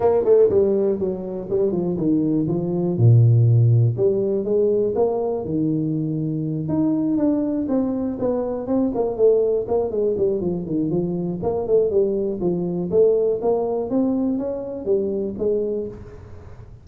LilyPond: \new Staff \with { instrumentName = "tuba" } { \time 4/4 \tempo 4 = 121 ais8 a8 g4 fis4 g8 f8 | dis4 f4 ais,2 | g4 gis4 ais4 dis4~ | dis4. dis'4 d'4 c'8~ |
c'8 b4 c'8 ais8 a4 ais8 | gis8 g8 f8 dis8 f4 ais8 a8 | g4 f4 a4 ais4 | c'4 cis'4 g4 gis4 | }